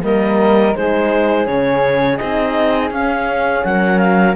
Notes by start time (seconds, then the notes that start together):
0.00 G3 A#3 A#4 D#5
0.74 G#3 D#4 G#4 C5
1.45 C#3 C#4 C#5
2.16 C4 D#4 D#5
2.90 C#4 F5
3.64 F#3 A#4 F#5
3.98 F5